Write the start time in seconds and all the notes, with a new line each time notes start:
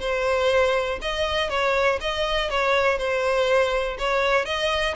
0.00 C5
1.01 D#5
1.50 C#5
2.01 D#5
2.50 C#5
2.98 C5
3.98 C#5
4.45 D#5